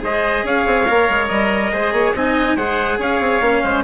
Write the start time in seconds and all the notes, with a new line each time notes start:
0.00 G#3 G#4 C5 D#5
0.44 C#4 C#5 F5
0.67 C4
0.89 A#3 A#4
1.10 G#3
1.28 G3 D#5
1.73 G#3 G#4 C5
1.93 A#3 C#5
2.15 C4 D#4 D#5 G#5
2.56 G#3 G#4 C5 F#5
2.99 C#4 C#5 F5
3.20 C4
3.41 A#3 C#4
3.64 G#3 C5